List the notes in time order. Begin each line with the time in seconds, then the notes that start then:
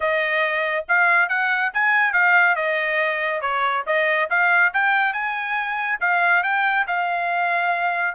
0.00 D#5
0.88 F5
1.29 F#5
1.73 G#5
2.12 F5
2.55 D#5
3.41 C#5
3.86 D#5
4.30 F5
4.73 G5
5.13 G#5
6.00 F5
6.43 G5
6.87 F5